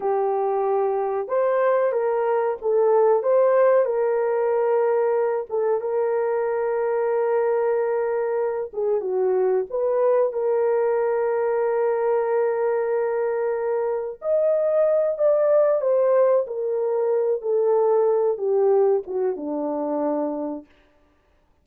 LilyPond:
\new Staff \with { instrumentName = "horn" } { \time 4/4 \tempo 4 = 93 g'2 c''4 ais'4 | a'4 c''4 ais'2~ | ais'8 a'8 ais'2.~ | ais'4. gis'8 fis'4 b'4 |
ais'1~ | ais'2 dis''4. d''8~ | d''8 c''4 ais'4. a'4~ | a'8 g'4 fis'8 d'2 | }